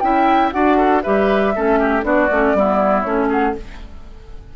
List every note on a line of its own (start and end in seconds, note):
0.00 0.53 C#4
0.00 0.52 E4
0.00 0.54 E5
0.00 0.50 G5
0.52 1.04 D4
0.52 1.02 F#4
0.52 0.77 D5
0.52 1.02 F#5
0.77 1.03 A4
1.03 1.55 G3
1.03 1.55 G4
1.03 1.53 B4
1.03 2.03 E5
1.55 2.03 A3
1.55 2.03 C#4
1.55 1.79 A4
1.79 2.05 G4
2.03 2.29 B3
2.03 2.28 D4
2.03 2.56 F#4
2.03 3.02 D5
2.31 2.54 A3
2.31 2.56 C#4
2.54 3.05 G3
2.54 3.05 B3
2.54 3.28 E4
3.02 3.55 A3
3.02 3.55 C#4
3.02 3.27 C#5
3.28 3.54 G#4
3.28 3.56 F#5